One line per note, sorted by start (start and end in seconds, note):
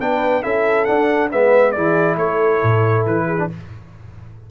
0.00 0.44 B3
0.00 0.43 D4
0.00 0.43 B4
0.00 0.43 G5
0.43 0.88 C#4
0.43 0.86 E4
0.43 1.30 A4
0.43 0.85 E5
0.85 1.30 D4
0.85 1.33 D4
0.85 1.29 F#5
1.32 1.77 G#3
1.32 1.76 B3
1.32 1.73 B4
1.32 1.72 E5
1.72 2.16 E3
1.72 3.38 E4
1.72 2.17 G#4
1.72 2.15 D5
2.16 2.60 A3
2.16 3.27 A4
2.16 3.05 C#5
2.63 3.06 A2
3.06 3.50 E3
3.06 3.50 B4
3.27 3.49 G#4
3.38 3.49 D4